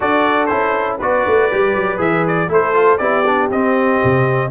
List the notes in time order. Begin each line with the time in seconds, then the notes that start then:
0.00 D4 F#4 A4 D5
0.45 C#4 E4 C5
0.98 B3 F#4 B4 D5
1.26 A3
1.51 G3 G4
1.75 F#3
1.97 E3 G#4 E5
2.27 D5
2.48 A3 E4 A4 C5
2.73 F4
2.97 B3 E4 G4 D5
3.26 D4
3.50 C4 D#5
4.04 C3